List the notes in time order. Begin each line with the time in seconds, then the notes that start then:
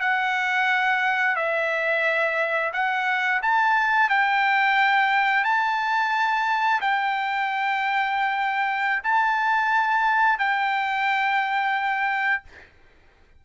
0.00 F#5
1.36 E5
2.73 F#5
3.42 A5
4.09 G5
5.44 A5
6.81 G5
9.03 A5
10.39 G5